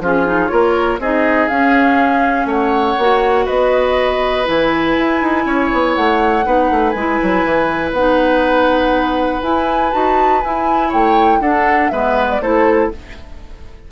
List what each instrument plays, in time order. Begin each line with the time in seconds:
0.00 bassoon F3, clarinet C#4, oboe F4, flute G#4
0.26 clarinet D#4
0.48 bassoon A#3, clarinet F4, oboe A#4, flute C#5
0.99 bassoon C4, clarinet D#4, oboe G#4, flute D#5
1.48 bassoon C#4, clarinet C#4, flute F5
2.46 bassoon A3, oboe C#5, flute F#5
2.98 bassoon A#3, clarinet F#4
3.45 bassoon B3, oboe B4, flute D#5
4.45 bassoon E3, clarinet E4, flute G#5
4.98 bassoon E4
5.21 bassoon D#4
5.46 bassoon C#4, oboe C#5
5.73 bassoon B3
5.95 bassoon A3, flute F#5
6.44 bassoon B3, clarinet D#4, oboe B4
6.71 bassoon A3
6.90 bassoon G#3, flute G#5
6.98 clarinet E4
7.23 bassoon F#3
7.45 bassoon E3
7.92 bassoon B3, clarinet D#4, flute F#5
9.43 bassoon E4, clarinet E4, flute G#5
9.92 bassoon D#4, clarinet F#4, flute A5
10.41 bassoon E4, clarinet E4, flute G#5
10.89 bassoon A3, oboe C#5, flute G5
11.40 bassoon D4, clarinet D4, oboe A4, flute F#5
11.89 bassoon G#3, clarinet B3, oboe B4, flute E5
12.30 flute D5
12.41 bassoon A3, clarinet E4, oboe A4, flute C5